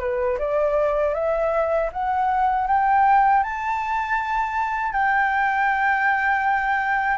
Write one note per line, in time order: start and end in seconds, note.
0.00 0.38 B4
0.38 1.14 D5
1.14 1.90 E5
1.92 2.67 F#5
2.67 3.43 G5
3.43 4.92 A5
4.92 7.17 G5